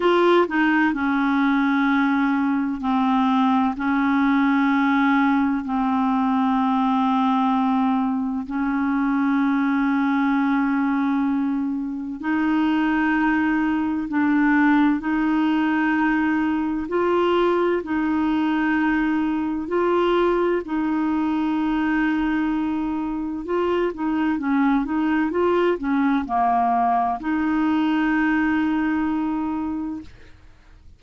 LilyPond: \new Staff \with { instrumentName = "clarinet" } { \time 4/4 \tempo 4 = 64 f'8 dis'8 cis'2 c'4 | cis'2 c'2~ | c'4 cis'2.~ | cis'4 dis'2 d'4 |
dis'2 f'4 dis'4~ | dis'4 f'4 dis'2~ | dis'4 f'8 dis'8 cis'8 dis'8 f'8 cis'8 | ais4 dis'2. | }